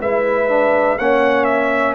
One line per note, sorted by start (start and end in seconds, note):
0.00 0.98 G#3
0.00 0.49 E4
0.00 0.98 B4
0.00 0.99 E5
0.49 0.98 D4
0.98 1.95 A#3
0.98 1.95 C#4
0.98 1.95 C#5
0.98 1.45 F#5
1.45 1.94 E5